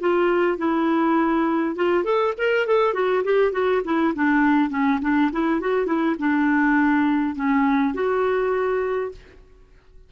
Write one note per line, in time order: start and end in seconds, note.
0.00 0.58 F4
0.58 1.76 E4
1.76 2.04 F4
2.04 2.34 A4
2.38 2.67 A#4
2.67 2.94 A4
2.94 3.23 F#4
3.24 3.52 G4
3.52 3.82 F#4
3.84 4.14 E4
4.15 4.70 D4
4.70 4.99 C#4
5.02 5.31 D4
5.32 5.60 E4
5.60 5.86 F#4
5.86 6.16 E4
6.19 7.35 D4
7.35 7.94 C#4
7.94 9.12 F#4